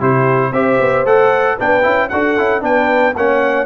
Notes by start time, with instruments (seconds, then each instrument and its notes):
0.00 tuba C3, trombone E4, horn G4, trumpet C5
0.52 tuba C4, trombone G4, horn C5, trumpet E5
0.80 tuba B3
1.05 tuba A3, trombone A4, trumpet F#5
1.57 tuba B3, trombone D4, horn B4, trumpet G5
1.83 tuba C#4, trombone E4
2.09 tuba D4, trombone F#4, horn A4, trumpet F#5
2.38 tuba C#4, trombone E4
2.61 tuba B3, trombone D4, horn B4, trumpet G5
3.17 tuba A#3, trombone C#4, horn C#5, trumpet F#5